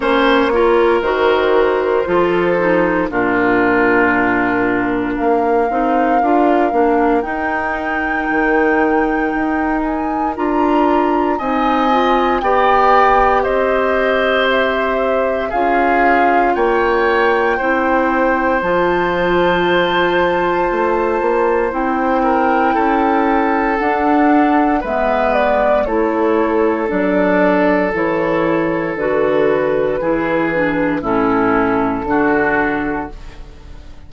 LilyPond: <<
  \new Staff \with { instrumentName = "flute" } { \time 4/4 \tempo 4 = 58 cis''4 c''2 ais'4~ | ais'4 f''2 g''4~ | g''4. gis''8 ais''4 gis''4 | g''4 dis''4 e''4 f''4 |
g''2 a''2~ | a''4 g''2 fis''4 | e''8 d''8 cis''4 d''4 cis''4 | b'2 a'2 | }
  \new Staff \with { instrumentName = "oboe" } { \time 4/4 c''8 ais'4. a'4 f'4~ | f'4 ais'2.~ | ais'2. dis''4 | d''4 c''2 gis'4 |
cis''4 c''2.~ | c''4. ais'8 a'2 | b'4 a'2.~ | a'4 gis'4 e'4 fis'4 | }
  \new Staff \with { instrumentName = "clarinet" } { \time 4/4 cis'8 f'8 fis'4 f'8 dis'8 d'4~ | d'4. dis'8 f'8 d'8 dis'4~ | dis'2 f'4 dis'8 f'8 | g'2. f'4~ |
f'4 e'4 f'2~ | f'4 e'2 d'4 | b4 e'4 d'4 e'4 | fis'4 e'8 d'8 cis'4 d'4 | }
  \new Staff \with { instrumentName = "bassoon" } { \time 4/4 ais4 dis4 f4 ais,4~ | ais,4 ais8 c'8 d'8 ais8 dis'4 | dis4 dis'4 d'4 c'4 | b4 c'2 cis'4 |
ais4 c'4 f2 | a8 ais8 c'4 cis'4 d'4 | gis4 a4 fis4 e4 | d4 e4 a,4 d4 | }
>>